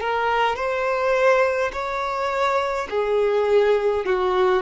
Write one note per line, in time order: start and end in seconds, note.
0.00 0.56 A#4
0.56 1.71 C5
1.73 2.88 C#5
2.90 4.05 G#4
4.05 4.62 F#4